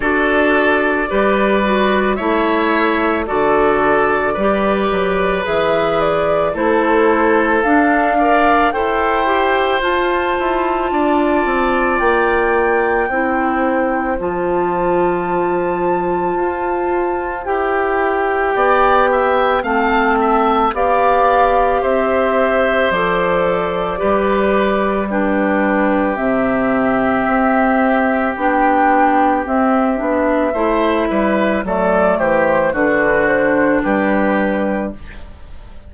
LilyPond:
<<
  \new Staff \with { instrumentName = "flute" } { \time 4/4 \tempo 4 = 55 d''2 e''4 d''4~ | d''4 e''8 d''8 c''4 f''4 | g''4 a''2 g''4~ | g''4 a''2. |
g''2 a''4 f''4 | e''4 d''2 b'4 | e''2 g''4 e''4~ | e''4 d''8 c''8 b'8 c''8 b'4 | }
  \new Staff \with { instrumentName = "oboe" } { \time 4/4 a'4 b'4 cis''4 a'4 | b'2 a'4. d''8 | c''2 d''2 | c''1~ |
c''4 d''8 e''8 f''8 e''8 d''4 | c''2 b'4 g'4~ | g'1 | c''8 b'8 a'8 g'8 fis'4 g'4 | }
  \new Staff \with { instrumentName = "clarinet" } { \time 4/4 fis'4 g'8 fis'8 e'4 fis'4 | g'4 gis'4 e'4 d'8 ais'8 | a'8 g'8 f'2. | e'4 f'2. |
g'2 c'4 g'4~ | g'4 a'4 g'4 d'4 | c'2 d'4 c'8 d'8 | e'4 a4 d'2 | }
  \new Staff \with { instrumentName = "bassoon" } { \time 4/4 d'4 g4 a4 d4 | g8 fis8 e4 a4 d'4 | e'4 f'8 e'8 d'8 c'8 ais4 | c'4 f2 f'4 |
e'4 b4 a4 b4 | c'4 f4 g2 | c4 c'4 b4 c'8 b8 | a8 g8 fis8 e8 d4 g4 | }
>>